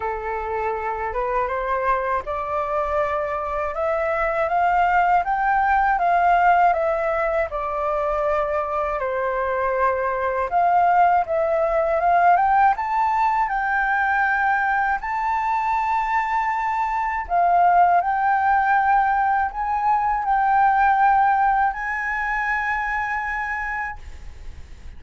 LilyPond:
\new Staff \with { instrumentName = "flute" } { \time 4/4 \tempo 4 = 80 a'4. b'8 c''4 d''4~ | d''4 e''4 f''4 g''4 | f''4 e''4 d''2 | c''2 f''4 e''4 |
f''8 g''8 a''4 g''2 | a''2. f''4 | g''2 gis''4 g''4~ | g''4 gis''2. | }